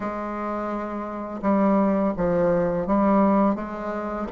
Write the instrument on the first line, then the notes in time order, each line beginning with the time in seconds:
bassoon
0.00 G#3
1.42 G3
2.16 F3
2.86 G3
3.55 G#3